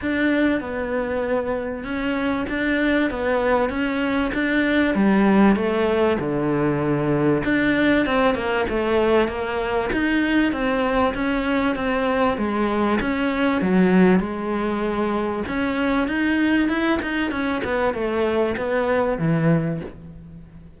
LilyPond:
\new Staff \with { instrumentName = "cello" } { \time 4/4 \tempo 4 = 97 d'4 b2 cis'4 | d'4 b4 cis'4 d'4 | g4 a4 d2 | d'4 c'8 ais8 a4 ais4 |
dis'4 c'4 cis'4 c'4 | gis4 cis'4 fis4 gis4~ | gis4 cis'4 dis'4 e'8 dis'8 | cis'8 b8 a4 b4 e4 | }